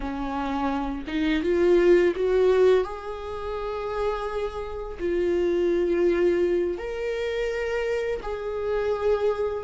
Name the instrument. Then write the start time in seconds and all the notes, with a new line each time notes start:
viola
0.00 C#4
1.07 D#4
1.43 F4
2.15 F#4
2.84 G#4
4.99 F4
6.78 A#4
8.22 G#4